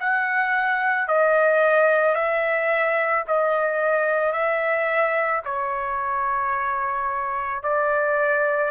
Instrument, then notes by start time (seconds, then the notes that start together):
trumpet
0.00 F#5
1.08 D#5
2.15 E5
3.27 D#5
4.32 E5
5.45 C#5
7.63 D5